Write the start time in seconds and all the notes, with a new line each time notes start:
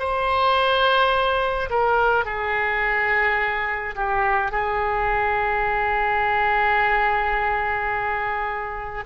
0.00 C5
1.70 A#4
2.25 G#4
3.96 G4
4.52 G#4